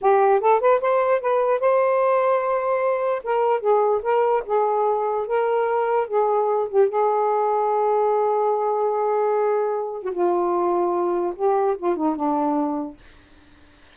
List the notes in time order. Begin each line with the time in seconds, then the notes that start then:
0.01 G4
0.40 A4
0.60 B4
0.80 C5
1.20 B4
1.60 C5
3.23 A#4
3.60 G#4
4.02 A#4
4.46 G#4
5.26 A#4
6.07 G#4
6.69 G4
6.88 G#4
10.02 F#4
10.11 F4
11.35 G4
11.77 F4
11.96 D#4
12.15 D4